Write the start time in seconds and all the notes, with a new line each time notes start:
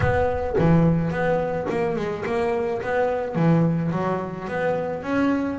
0.00 B3
0.58 E3
1.10 B3
1.69 A#3
1.95 G#3
2.25 A#3
2.81 B3
3.35 E3
3.91 F#3
4.48 B3
5.03 C#4